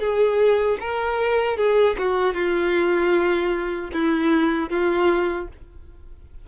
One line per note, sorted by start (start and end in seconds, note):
0.00 0.78 G#4
0.80 1.58 A#4
1.58 1.97 G#4
1.98 2.34 F#4
2.34 3.90 F4
3.94 4.70 E4
4.70 5.48 F4